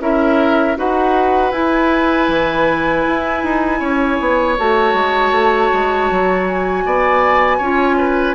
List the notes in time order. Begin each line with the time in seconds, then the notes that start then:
0.00 C#4 E4 A#4 E5
0.76 D#4 F#4 B4 F#5
1.51 E4 G#5
2.28 E3
3.07 E4
3.43 D#4
3.79 C#4 C#5
4.20 B3
4.58 A3 F#4 A5
4.93 G#3
5.31 A3
5.72 G#3
6.10 F#3
6.46 G#5
6.85 B3 D5
7.58 C#4 F4 C#5
7.98 B4